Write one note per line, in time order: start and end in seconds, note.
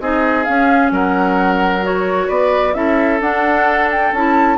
0.00 0.46 C4
0.00 0.45 D#4
0.00 0.92 G#4
0.00 0.44 D#5
0.44 1.83 C#4
0.44 0.91 C#4
0.44 0.90 F5
0.91 2.28 F#3
0.91 2.27 A#4
0.91 1.85 F#5
1.83 2.73 F#4
1.83 2.29 C#5
2.27 2.75 B3
2.27 2.73 B4
2.27 2.74 D5
2.73 3.20 C#4
2.73 3.19 E4
2.73 4.58 A4
2.73 3.19 E5
3.20 4.12 D4
3.20 4.14 D4
3.20 3.90 F#5
3.91 4.13 G5
4.12 4.58 C#4
4.12 4.58 E4
4.12 4.58 A5